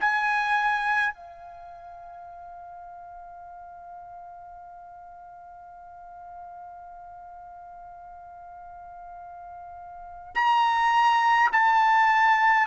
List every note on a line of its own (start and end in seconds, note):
0.00 1.13 G#5
1.13 10.35 F5
10.35 11.50 A#5
11.52 12.67 A5